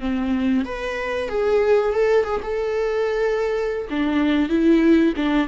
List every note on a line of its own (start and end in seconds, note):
0.00 0.65 C4
0.65 1.29 B4
1.29 1.93 G#4
1.93 2.25 A4
2.25 2.41 G#4
2.43 3.88 A4
3.90 4.49 D4
4.49 5.14 E4
5.16 5.48 D4